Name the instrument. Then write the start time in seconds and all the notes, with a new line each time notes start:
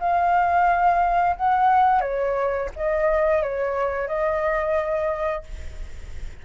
flute
0.00 F5
1.37 F#5
2.01 C#5
2.76 D#5
3.43 C#5
4.08 D#5